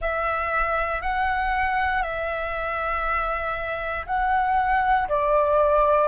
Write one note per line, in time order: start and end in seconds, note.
0.01 1.01 E5
1.01 2.02 F#5
2.02 4.05 E5
4.06 5.08 F#5
5.08 6.07 D5